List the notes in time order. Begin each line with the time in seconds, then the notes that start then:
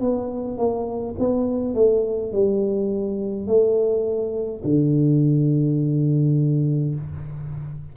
0.00 B3
0.58 A#3
1.19 B3
1.75 A3
2.32 G3
3.47 A3
4.64 D3